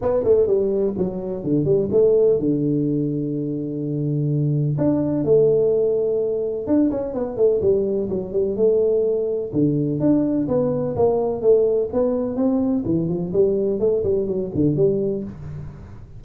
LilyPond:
\new Staff \with { instrumentName = "tuba" } { \time 4/4 \tempo 4 = 126 b8 a8 g4 fis4 d8 g8 | a4 d2.~ | d2 d'4 a4~ | a2 d'8 cis'8 b8 a8 |
g4 fis8 g8 a2 | d4 d'4 b4 ais4 | a4 b4 c'4 e8 f8 | g4 a8 g8 fis8 d8 g4 | }